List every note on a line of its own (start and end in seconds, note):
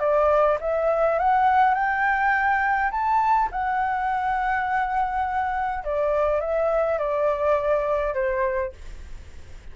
0.00 0.58 D5
0.61 1.19 E5
1.19 1.74 F#5
1.74 2.91 G5
2.92 3.50 A5
3.52 5.84 F#5
5.84 6.41 D5
6.41 6.99 E5
6.99 8.14 D5
8.14 8.73 C5